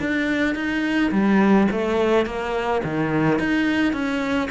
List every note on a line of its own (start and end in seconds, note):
0.00 0.55 D4
0.55 1.11 D#4
1.12 1.68 G3
1.72 2.26 A3
2.26 2.82 A#3
2.84 3.39 D#3
3.39 3.93 D#4
3.93 4.49 C#4